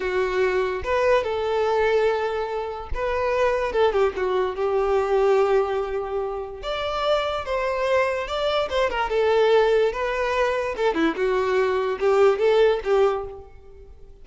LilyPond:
\new Staff \with { instrumentName = "violin" } { \time 4/4 \tempo 4 = 145 fis'2 b'4 a'4~ | a'2. b'4~ | b'4 a'8 g'8 fis'4 g'4~ | g'1 |
d''2 c''2 | d''4 c''8 ais'8 a'2 | b'2 a'8 e'8 fis'4~ | fis'4 g'4 a'4 g'4 | }